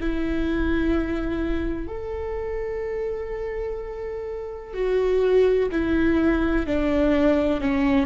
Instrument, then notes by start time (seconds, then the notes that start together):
viola
0.00 E4
1.88 A4
4.74 F#4
5.72 E4
6.67 D4
7.61 C#4